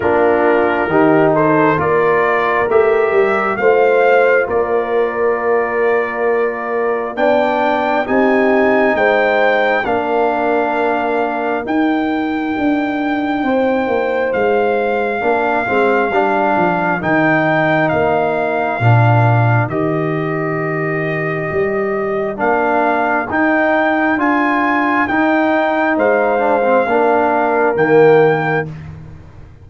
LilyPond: <<
  \new Staff \with { instrumentName = "trumpet" } { \time 4/4 \tempo 4 = 67 ais'4. c''8 d''4 e''4 | f''4 d''2. | g''4 gis''4 g''4 f''4~ | f''4 g''2. |
f''2. g''4 | f''2 dis''2~ | dis''4 f''4 g''4 gis''4 | g''4 f''2 g''4 | }
  \new Staff \with { instrumentName = "horn" } { \time 4/4 f'4 g'8 a'8 ais'2 | c''4 ais'2. | d''4 g'4 c''4 ais'4~ | ais'2. c''4~ |
c''4 ais'2.~ | ais'1~ | ais'1~ | ais'4 c''4 ais'2 | }
  \new Staff \with { instrumentName = "trombone" } { \time 4/4 d'4 dis'4 f'4 g'4 | f'1 | d'4 dis'2 d'4~ | d'4 dis'2.~ |
dis'4 d'8 c'8 d'4 dis'4~ | dis'4 d'4 g'2~ | g'4 d'4 dis'4 f'4 | dis'4. d'16 c'16 d'4 ais4 | }
  \new Staff \with { instrumentName = "tuba" } { \time 4/4 ais4 dis4 ais4 a8 g8 | a4 ais2. | b4 c'4 gis4 ais4~ | ais4 dis'4 d'4 c'8 ais8 |
gis4 ais8 gis8 g8 f8 dis4 | ais4 ais,4 dis2 | g4 ais4 dis'4 d'4 | dis'4 gis4 ais4 dis4 | }
>>